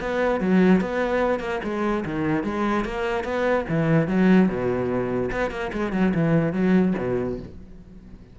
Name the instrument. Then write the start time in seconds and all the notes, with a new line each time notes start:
cello
0.00 B3
0.40 F#3
0.81 B3
1.39 A#3
1.63 G#3
2.05 D#3
2.43 G#3
2.85 A#3
3.24 B3
3.69 E3
4.08 F#3
4.48 B2
5.32 B3
5.50 A#3
5.73 G#3
5.92 F#3
6.14 E3
6.53 F#3
6.98 B2